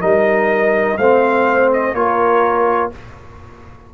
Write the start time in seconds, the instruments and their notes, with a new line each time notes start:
0.00 tuba G3, trombone D#4, horn A#4, trumpet D#5
0.97 tuba A3, trombone C4, horn C5, trumpet F5
1.73 trumpet D#5
1.93 tuba A#3, trombone F4, horn A#4, trumpet C#5